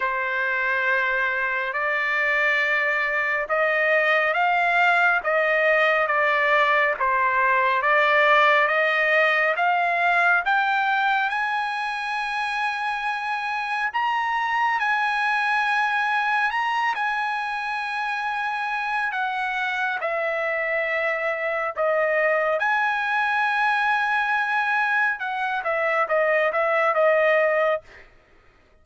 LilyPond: \new Staff \with { instrumentName = "trumpet" } { \time 4/4 \tempo 4 = 69 c''2 d''2 | dis''4 f''4 dis''4 d''4 | c''4 d''4 dis''4 f''4 | g''4 gis''2. |
ais''4 gis''2 ais''8 gis''8~ | gis''2 fis''4 e''4~ | e''4 dis''4 gis''2~ | gis''4 fis''8 e''8 dis''8 e''8 dis''4 | }